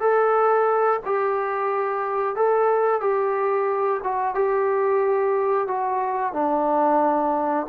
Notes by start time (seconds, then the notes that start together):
0.00 A4
1.05 G4
2.35 A4
3.00 G4
4.03 F#4
4.34 G4
5.67 F#4
6.33 D4